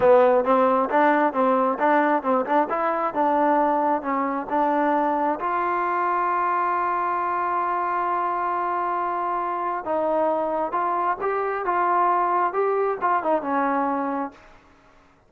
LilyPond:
\new Staff \with { instrumentName = "trombone" } { \time 4/4 \tempo 4 = 134 b4 c'4 d'4 c'4 | d'4 c'8 d'8 e'4 d'4~ | d'4 cis'4 d'2 | f'1~ |
f'1~ | f'2 dis'2 | f'4 g'4 f'2 | g'4 f'8 dis'8 cis'2 | }